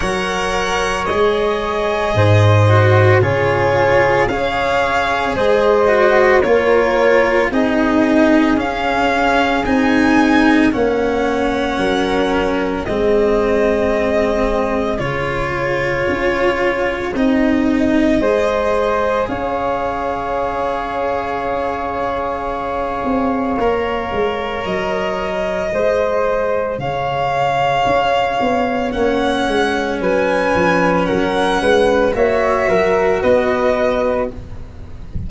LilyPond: <<
  \new Staff \with { instrumentName = "violin" } { \time 4/4 \tempo 4 = 56 fis''4 dis''2 cis''4 | f''4 dis''4 cis''4 dis''4 | f''4 gis''4 fis''2 | dis''2 cis''2 |
dis''2 f''2~ | f''2. dis''4~ | dis''4 f''2 fis''4 | gis''4 fis''4 e''4 dis''4 | }
  \new Staff \with { instrumentName = "flute" } { \time 4/4 cis''2 c''4 gis'4 | cis''4 c''4 ais'4 gis'4~ | gis'2 cis''4 ais'4 | gis'1~ |
gis'4 c''4 cis''2~ | cis''1 | c''4 cis''2. | b'4 ais'8 b'8 cis''8 ais'8 b'4 | }
  \new Staff \with { instrumentName = "cello" } { \time 4/4 ais'4 gis'4. fis'8 f'4 | gis'4. fis'8 f'4 dis'4 | cis'4 dis'4 cis'2 | c'2 f'2 |
dis'4 gis'2.~ | gis'2 ais'2 | gis'2. cis'4~ | cis'2 fis'2 | }
  \new Staff \with { instrumentName = "tuba" } { \time 4/4 fis4 gis4 gis,4 cis4 | cis'4 gis4 ais4 c'4 | cis'4 c'4 ais4 fis4 | gis2 cis4 cis'4 |
c'4 gis4 cis'2~ | cis'4. c'8 ais8 gis8 fis4 | gis4 cis4 cis'8 b8 ais8 gis8 | fis8 f8 fis8 gis8 ais8 fis8 b4 | }
>>